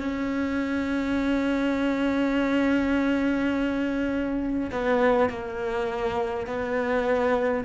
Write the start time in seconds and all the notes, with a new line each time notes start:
0.00 C#4
4.72 B3
5.29 A#3
6.47 B3